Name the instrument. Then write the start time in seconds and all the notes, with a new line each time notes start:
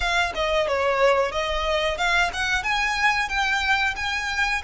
violin
0.00 F5
0.34 D#5
0.67 C#5
1.31 D#5
1.98 F5
2.33 F#5
2.63 G#5
3.28 G5
3.96 G#5